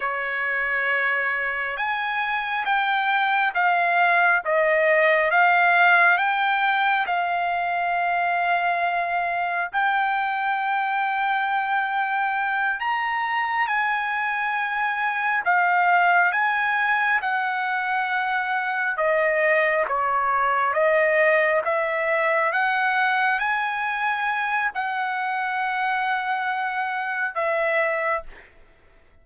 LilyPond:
\new Staff \with { instrumentName = "trumpet" } { \time 4/4 \tempo 4 = 68 cis''2 gis''4 g''4 | f''4 dis''4 f''4 g''4 | f''2. g''4~ | g''2~ g''8 ais''4 gis''8~ |
gis''4. f''4 gis''4 fis''8~ | fis''4. dis''4 cis''4 dis''8~ | dis''8 e''4 fis''4 gis''4. | fis''2. e''4 | }